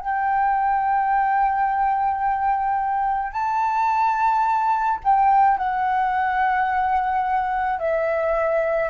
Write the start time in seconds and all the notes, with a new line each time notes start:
0.00 G5
3.32 A5
5.04 G5
5.57 F#5
7.79 E5